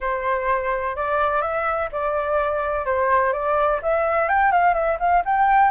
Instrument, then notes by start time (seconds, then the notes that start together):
flute
0.00 C5
0.96 D5
1.41 E5
1.92 D5
2.85 C5
3.32 D5
3.82 E5
4.28 G5
4.51 F5
4.74 E5
4.99 F5
5.25 G5